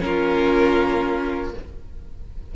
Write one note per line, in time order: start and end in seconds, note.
0.00 1.54 A#3
0.00 1.50 C#4
0.00 1.56 F4
0.00 1.52 A#4